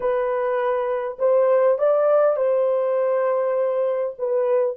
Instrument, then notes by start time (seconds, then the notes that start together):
horn
0.00 B4
1.19 C5
1.78 D5
2.36 C5
4.18 B4